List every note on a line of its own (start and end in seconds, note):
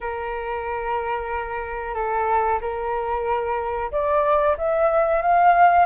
0.00 1.94 A#4
1.94 2.59 A4
2.60 3.91 A#4
3.91 4.57 D5
4.57 5.22 E5
5.22 5.85 F5